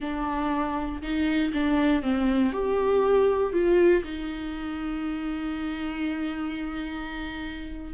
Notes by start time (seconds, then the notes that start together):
0.00 D4
1.02 D#4
1.53 D4
2.02 C4
2.52 G4
3.52 F4
4.04 D#4